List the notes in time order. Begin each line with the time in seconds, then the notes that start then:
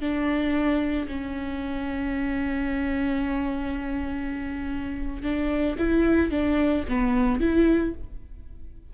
0.00 D4
1.08 C#4
5.23 D4
5.78 E4
6.31 D4
6.89 B3
7.40 E4